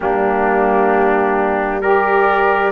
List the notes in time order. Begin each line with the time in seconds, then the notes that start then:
0.00 G3 A#3 D4 G4
1.81 G4 A#4 D5